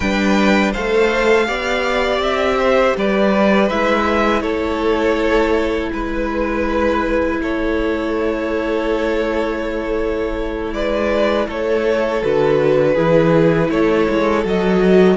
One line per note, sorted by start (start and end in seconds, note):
0.00 0.74 G3
0.00 0.74 D4
0.00 0.72 B4
0.00 0.71 G5
0.72 1.48 A3
0.72 1.45 A4
0.72 1.46 C5
0.72 2.21 F5
1.45 2.18 B3
1.45 3.67 G4
1.45 2.58 D5
2.18 2.92 C4
2.18 2.96 E5
2.59 2.96 C5
2.96 3.71 G3
2.96 4.42 B4
2.96 3.69 D5
3.69 4.42 G#3
3.69 12.21 E4
3.69 4.41 E5
4.41 5.90 A3
4.41 5.90 A4
4.41 5.89 C#5
5.92 7.41 G#3
5.92 7.41 B4
7.41 10.73 A3
7.41 10.74 A4
7.41 10.73 C#5
10.73 11.47 G#3
10.73 11.48 B4
10.73 11.47 D5
11.48 12.22 A3
11.48 12.94 A4
11.48 12.23 C#5
12.22 12.97 D3
12.22 12.96 F#4
12.22 13.71 B4
12.94 13.70 E3
12.94 14.44 E4
12.94 13.68 G#4
13.70 14.07 A3
13.70 15.16 A4
13.70 14.45 C#5
14.09 14.45 G#3
14.44 15.16 F#3
14.44 15.16 F#4
14.44 15.16 D#5